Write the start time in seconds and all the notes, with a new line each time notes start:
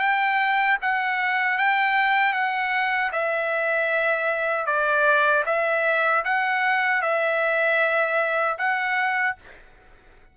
0.00 G5
0.82 F#5
1.58 G5
2.33 F#5
3.13 E5
4.66 D5
5.46 E5
6.25 F#5
7.02 E5
8.59 F#5